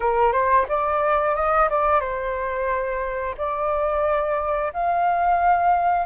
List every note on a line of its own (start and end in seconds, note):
0.00 0.32 A#4
0.32 0.66 C5
0.68 1.35 D5
1.35 1.69 D#5
1.69 2.00 D5
2.00 3.35 C5
3.37 4.72 D5
4.73 6.06 F5